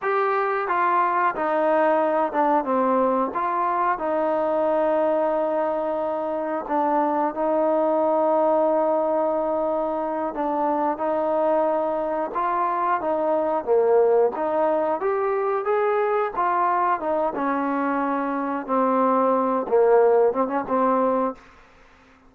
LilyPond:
\new Staff \with { instrumentName = "trombone" } { \time 4/4 \tempo 4 = 90 g'4 f'4 dis'4. d'8 | c'4 f'4 dis'2~ | dis'2 d'4 dis'4~ | dis'2.~ dis'8 d'8~ |
d'8 dis'2 f'4 dis'8~ | dis'8 ais4 dis'4 g'4 gis'8~ | gis'8 f'4 dis'8 cis'2 | c'4. ais4 c'16 cis'16 c'4 | }